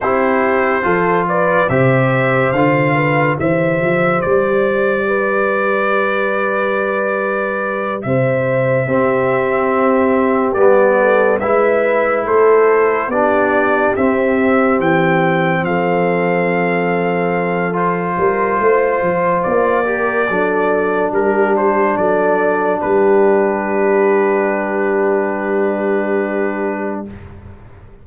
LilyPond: <<
  \new Staff \with { instrumentName = "trumpet" } { \time 4/4 \tempo 4 = 71 c''4. d''8 e''4 f''4 | e''4 d''2.~ | d''4. e''2~ e''8~ | e''8 d''4 e''4 c''4 d''8~ |
d''8 e''4 g''4 f''4.~ | f''4 c''2 d''4~ | d''4 ais'8 c''8 d''4 b'4~ | b'1 | }
  \new Staff \with { instrumentName = "horn" } { \time 4/4 g'4 a'8 b'8 c''4. b'8 | c''2 b'2~ | b'4. c''4 g'4.~ | g'4 a'8 b'4 a'4 g'8~ |
g'2~ g'8 a'4.~ | a'4. ais'8 c''4. ais'8 | a'4 g'4 a'4 g'4~ | g'1 | }
  \new Staff \with { instrumentName = "trombone" } { \time 4/4 e'4 f'4 g'4 f'4 | g'1~ | g'2~ g'8 c'4.~ | c'8 b4 e'2 d'8~ |
d'8 c'2.~ c'8~ | c'4 f'2~ f'8 g'8 | d'1~ | d'1 | }
  \new Staff \with { instrumentName = "tuba" } { \time 4/4 c'4 f4 c4 d4 | e8 f8 g2.~ | g4. c4 c'4.~ | c'8 g4 gis4 a4 b8~ |
b8 c'4 e4 f4.~ | f4. g8 a8 f8 ais4 | fis4 g4 fis4 g4~ | g1 | }
>>